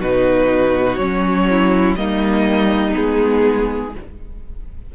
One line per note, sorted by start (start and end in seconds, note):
0.00 0.98 B2
0.00 1.00 D#4
0.00 1.48 F#4
0.00 0.97 B4
0.97 1.96 F#3
0.97 1.98 C#4
0.97 1.95 C#5
1.50 1.99 E4
1.96 2.95 G3
1.96 2.93 A#3
1.96 3.96 D#4
1.96 2.94 D#5
2.93 3.96 G#3
2.93 3.92 B3
2.93 3.95 G#4